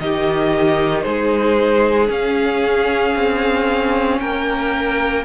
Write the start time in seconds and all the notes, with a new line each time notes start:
0.00 D#3 D#4 G4 D#5
1.02 G#3 G#4 C5
2.08 C#4 F5
3.15 C4
4.20 A#3 A#4 G5